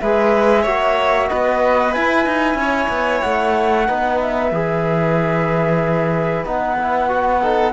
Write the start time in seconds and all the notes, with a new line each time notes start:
0.00 G#3 G#4 B4 E5
0.62 A#3 F#4 C#5
1.28 B3 B4 D#5
1.92 E4 G#5
2.26 D#4
2.54 C#4
2.60 C#5
2.88 B3
3.22 A3 F#5
3.87 B3 D#4 B4
4.20 E5
4.51 E3 G#4
6.45 B3 D#4 F#5
6.78 E4
7.08 F#4
7.41 D#4 A4